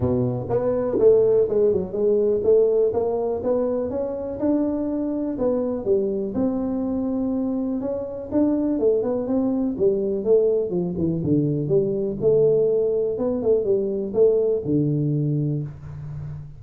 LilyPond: \new Staff \with { instrumentName = "tuba" } { \time 4/4 \tempo 4 = 123 b,4 b4 a4 gis8 fis8 | gis4 a4 ais4 b4 | cis'4 d'2 b4 | g4 c'2. |
cis'4 d'4 a8 b8 c'4 | g4 a4 f8 e8 d4 | g4 a2 b8 a8 | g4 a4 d2 | }